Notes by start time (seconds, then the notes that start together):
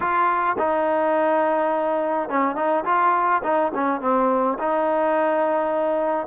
0.00 F4
0.58 D#4
2.29 C#4
2.55 D#4
2.84 F4
3.43 D#4
3.74 C#4
4.01 C4
4.58 D#4